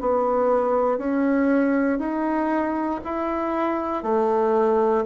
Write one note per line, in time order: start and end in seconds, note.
0.00 0.98 B3
0.98 1.98 C#4
1.98 3.00 D#4
3.04 4.03 E4
4.03 5.04 A3